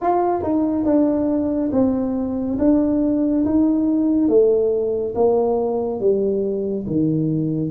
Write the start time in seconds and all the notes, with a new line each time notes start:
0.01 F4
0.42 D#4
0.85 D4
1.72 C4
2.59 D4
3.45 D#4
4.28 A3
5.14 A#3
6.00 G3
6.86 D#3